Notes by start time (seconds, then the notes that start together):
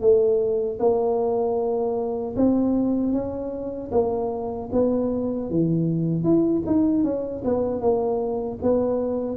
0.00 A3
0.79 A#3
2.36 C4
3.12 C#4
3.91 A#3
4.72 B3
5.50 E3
6.23 E4
6.66 D#4
7.03 C#4
7.45 B3
7.81 A#3
8.62 B3